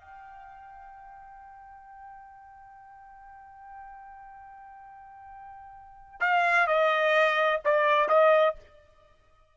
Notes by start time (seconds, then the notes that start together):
0.00 G5
6.20 F5
6.67 D#5
7.65 D5
8.09 D#5